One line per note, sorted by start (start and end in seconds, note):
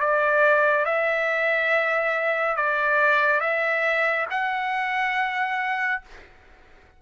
0.00 0.85 D5
0.85 2.56 E5
2.56 3.40 D5
3.40 4.25 E5
4.30 6.01 F#5